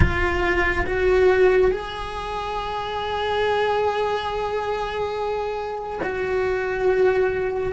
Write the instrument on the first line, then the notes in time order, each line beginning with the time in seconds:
cello
0.00 F4
0.86 F#4
1.71 G#4
6.02 F#4